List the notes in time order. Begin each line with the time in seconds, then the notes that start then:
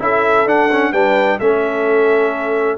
0.00 C#4 E4 A4 E5
0.46 D4 F#5
0.72 C#4
0.92 G3 D4 B4 G5
1.39 A3 C#4 A4 E5